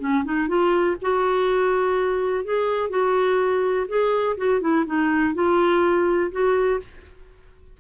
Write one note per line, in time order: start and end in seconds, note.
0.00 0.24 C#4
0.25 0.48 D#4
0.48 0.97 F4
1.02 2.45 F#4
2.45 2.90 G#4
2.90 3.87 F#4
3.88 4.37 G#4
4.38 4.61 F#4
4.61 4.85 E4
4.87 5.35 D#4
5.35 6.31 F4
6.32 6.80 F#4